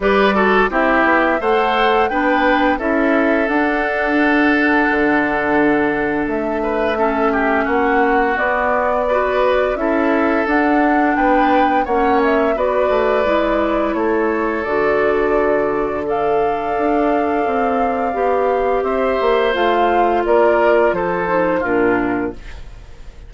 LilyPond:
<<
  \new Staff \with { instrumentName = "flute" } { \time 4/4 \tempo 4 = 86 d''4 e''4 fis''4 g''4 | e''4 fis''2.~ | fis''4 e''2 fis''4 | d''2 e''4 fis''4 |
g''4 fis''8 e''8 d''2 | cis''4 d''2 f''4~ | f''2. e''4 | f''4 d''4 c''4 ais'4 | }
  \new Staff \with { instrumentName = "oboe" } { \time 4/4 b'8 a'8 g'4 c''4 b'4 | a'1~ | a'4. b'8 a'8 g'8 fis'4~ | fis'4 b'4 a'2 |
b'4 cis''4 b'2 | a'2. d''4~ | d''2. c''4~ | c''4 ais'4 a'4 f'4 | }
  \new Staff \with { instrumentName = "clarinet" } { \time 4/4 g'8 fis'8 e'4 a'4 d'4 | e'4 d'2.~ | d'2 cis'2 | b4 fis'4 e'4 d'4~ |
d'4 cis'4 fis'4 e'4~ | e'4 fis'2 a'4~ | a'2 g'2 | f'2~ f'8 dis'8 d'4 | }
  \new Staff \with { instrumentName = "bassoon" } { \time 4/4 g4 c'8 b8 a4 b4 | cis'4 d'2 d4~ | d4 a2 ais4 | b2 cis'4 d'4 |
b4 ais4 b8 a8 gis4 | a4 d2. | d'4 c'4 b4 c'8 ais8 | a4 ais4 f4 ais,4 | }
>>